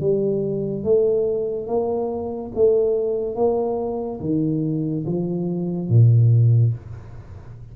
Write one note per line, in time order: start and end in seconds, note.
0.00 0.83 G3
0.83 1.67 A3
1.67 2.51 A#3
2.54 3.35 A3
3.35 4.19 A#3
4.20 5.04 D#3
5.06 5.89 F3
5.89 6.73 A#2